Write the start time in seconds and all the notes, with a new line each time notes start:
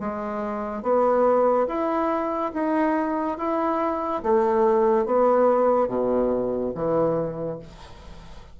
0.00 G#3
0.83 B3
1.68 E4
2.54 D#4
3.38 E4
4.23 A3
5.06 B3
5.88 B2
6.75 E3